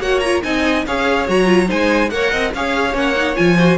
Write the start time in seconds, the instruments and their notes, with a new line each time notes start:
0.00 cello A#3, viola F#4, violin C#5 F#5
0.19 viola F4, violin A#5
0.43 cello C4, viola D#4, violin D#5 G#5
0.87 cello C#4, viola G#4, violin C#5 F5
1.27 cello F#3, viola F#4, violin A#5
1.45 viola F4
1.68 cello G#3, viola D#4, violin C5 G#5
2.10 cello A#3, viola A#4, violin C#5 F#5
2.31 cello C4, violin D#5
2.54 cello C#4, viola G#4, violin C#5 F5
2.92 cello A#3, viola C#4, violin F#5
3.16 viola D#4
3.35 cello F3, viola F4, violin G#5
3.58 viola F#4, violin C5